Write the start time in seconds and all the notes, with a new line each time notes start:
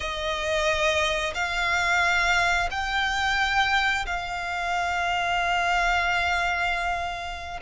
0.00 D#5
1.34 F5
2.70 G5
4.06 F5